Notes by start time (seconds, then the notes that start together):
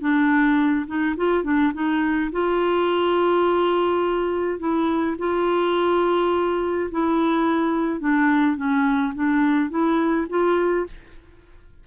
0.00 D4
0.86 D#4
1.17 F4
1.43 D4
1.73 D#4
2.32 F4
4.59 E4
5.18 F4
6.91 E4
8.00 D4
8.56 C#4
9.14 D4
9.70 E4
10.29 F4